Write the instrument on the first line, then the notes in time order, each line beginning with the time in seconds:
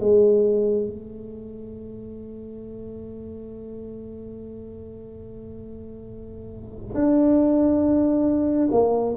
tuba
0.00 G#3
0.87 A3
6.95 D4
8.72 A#3